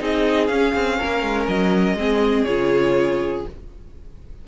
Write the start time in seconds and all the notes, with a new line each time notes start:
0.00 C4 D#4 G#4 D#5
0.47 C#4 F5
0.74 C4
0.98 A#3 A#4
1.23 G#3
1.48 F#3 D#5
1.95 G#3 C4 G#4
2.44 C#3 F4 C#5